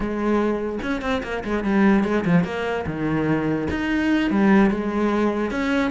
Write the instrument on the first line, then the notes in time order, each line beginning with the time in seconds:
cello
0.00 G#3
0.82 C#4
1.01 C4
1.23 A#3
1.44 G#3
1.64 G3
2.03 G#3
2.25 F3
2.44 A#3
2.86 D#3
3.70 D#4
4.30 G3
4.70 G#3
5.50 C#4